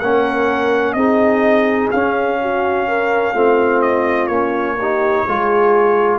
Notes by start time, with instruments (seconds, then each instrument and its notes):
0.00 tuba A#3, trombone C#4, horn A#4, trumpet F#5
0.93 tuba C4, trombone D#4, horn G#4, trumpet D#5
1.91 tuba C#4, trombone C#4, trumpet F5
2.41 horn F#4
2.88 horn A#4
3.34 tuba A3, trombone C4, horn F4
3.82 trumpet D#5
4.27 tuba A#3, trombone C#4, trumpet C#5
4.78 trombone D#4, horn G4
5.26 tuba G#3, trombone F4, horn G#4